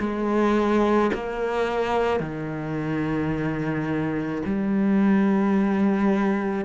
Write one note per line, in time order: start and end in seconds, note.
0.00 1.11 G#3
1.14 2.20 A#3
2.20 4.42 D#3
4.45 6.65 G3